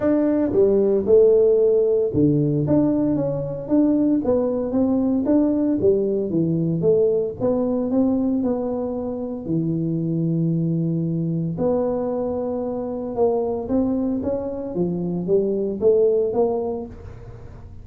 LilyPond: \new Staff \with { instrumentName = "tuba" } { \time 4/4 \tempo 4 = 114 d'4 g4 a2 | d4 d'4 cis'4 d'4 | b4 c'4 d'4 g4 | e4 a4 b4 c'4 |
b2 e2~ | e2 b2~ | b4 ais4 c'4 cis'4 | f4 g4 a4 ais4 | }